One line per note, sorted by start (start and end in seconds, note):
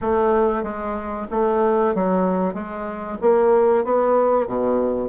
0.01 0.63 A3
0.63 1.26 G#3
1.31 1.94 A3
1.94 2.54 F#3
2.54 3.17 G#3
3.21 3.84 A#3
3.84 4.47 B3
4.47 5.09 B2